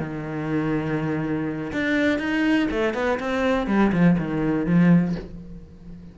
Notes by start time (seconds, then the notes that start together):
0.00 D#3
1.73 D4
2.19 D#4
2.71 A3
2.94 B3
3.20 C4
3.67 G3
3.92 F3
4.19 D#3
4.66 F3